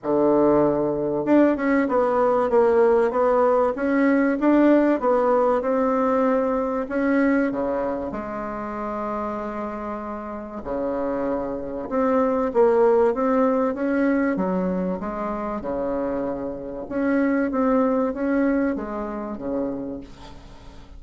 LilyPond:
\new Staff \with { instrumentName = "bassoon" } { \time 4/4 \tempo 4 = 96 d2 d'8 cis'8 b4 | ais4 b4 cis'4 d'4 | b4 c'2 cis'4 | cis4 gis2.~ |
gis4 cis2 c'4 | ais4 c'4 cis'4 fis4 | gis4 cis2 cis'4 | c'4 cis'4 gis4 cis4 | }